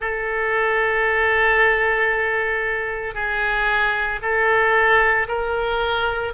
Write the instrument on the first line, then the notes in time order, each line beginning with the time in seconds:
oboe
0.00 A4
3.14 G#4
4.22 A4
5.27 A#4